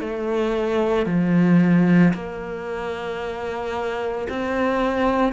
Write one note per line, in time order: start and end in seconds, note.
0.00 1.06 A3
1.06 2.13 F3
2.13 4.28 A#3
4.29 5.33 C4